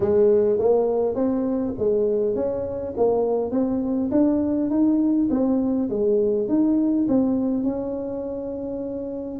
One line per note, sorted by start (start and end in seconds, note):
0.00 0.58 G#3
0.58 1.15 A#3
1.15 1.74 C4
1.78 2.35 G#3
2.35 2.94 C#4
2.96 3.51 A#3
3.51 4.09 C4
4.11 4.70 D4
4.70 5.28 D#4
5.30 5.89 C4
5.89 6.48 G#3
6.48 7.07 D#4
7.08 7.63 C4
7.63 9.39 C#4